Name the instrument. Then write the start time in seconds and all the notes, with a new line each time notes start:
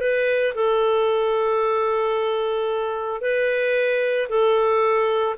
clarinet
0.00 B4
0.54 A4
3.21 B4
4.29 A4